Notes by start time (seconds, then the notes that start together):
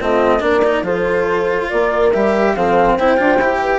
0.00 A3 C4 F4 D#5
0.40 A#3 D4 A#4 D5
0.64 D#4
0.82 F3 F4 A4 C5
1.69 A#3 A#4 D5
2.12 G3 G4 E5
2.55 F3 C4 A4 F5
2.96 C4 E4 C5 G5
3.17 D4 F4
3.38 E4 G4
3.60 B4